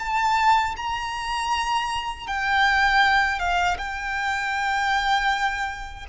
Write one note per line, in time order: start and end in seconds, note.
0.00 0.76 A5
0.77 2.28 A#5
2.28 3.40 G5
3.40 3.78 F5
3.78 6.06 G5